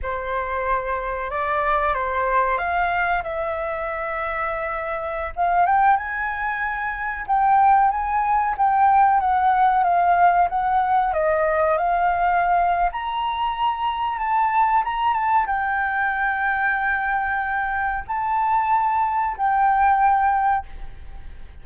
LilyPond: \new Staff \with { instrumentName = "flute" } { \time 4/4 \tempo 4 = 93 c''2 d''4 c''4 | f''4 e''2.~ | e''16 f''8 g''8 gis''2 g''8.~ | g''16 gis''4 g''4 fis''4 f''8.~ |
f''16 fis''4 dis''4 f''4.~ f''16 | ais''2 a''4 ais''8 a''8 | g''1 | a''2 g''2 | }